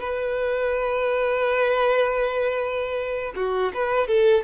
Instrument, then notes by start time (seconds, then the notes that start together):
violin
0.00 B4
3.35 F#4
3.74 B4
4.07 A4